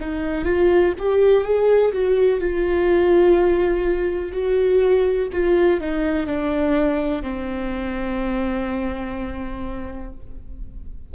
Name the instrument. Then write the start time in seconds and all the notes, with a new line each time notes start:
viola
0.00 D#4
0.45 F4
0.99 G4
1.44 G#4
1.93 F#4
2.41 F4
4.32 F#4
5.32 F4
5.81 D#4
6.26 D4
7.22 C4